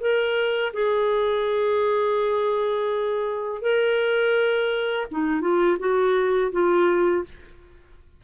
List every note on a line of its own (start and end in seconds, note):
0.00 0.72 A#4
0.73 3.62 G#4
3.62 5.06 A#4
5.11 5.41 D#4
5.41 5.77 F4
5.79 6.52 F#4
6.52 7.24 F4